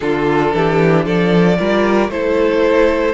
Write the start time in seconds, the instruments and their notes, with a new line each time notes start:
0.00 cello D3, viola D4, violin F4 A4
0.54 cello E3, violin G4
1.05 cello F3, violin A4 D5
1.57 cello G3, viola F4, violin A#4
2.09 cello A3, viola E4, violin A4 C5